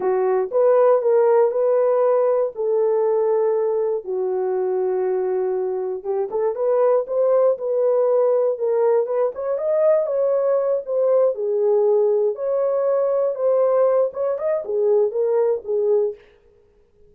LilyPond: \new Staff \with { instrumentName = "horn" } { \time 4/4 \tempo 4 = 119 fis'4 b'4 ais'4 b'4~ | b'4 a'2. | fis'1 | g'8 a'8 b'4 c''4 b'4~ |
b'4 ais'4 b'8 cis''8 dis''4 | cis''4. c''4 gis'4.~ | gis'8 cis''2 c''4. | cis''8 dis''8 gis'4 ais'4 gis'4 | }